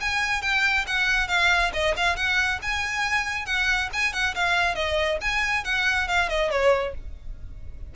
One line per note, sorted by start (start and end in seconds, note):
0.00 0.42 G#5
0.42 0.85 G5
0.87 1.27 F#5
1.27 1.71 F5
1.73 1.95 D#5
1.96 2.16 F5
2.16 2.59 F#5
2.62 3.45 G#5
3.45 3.89 F#5
3.92 4.12 G#5
4.12 4.34 F#5
4.35 4.75 F5
4.75 5.18 D#5
5.21 5.64 G#5
5.64 6.07 F#5
6.07 6.28 F5
6.28 6.50 D#5
6.50 6.94 C#5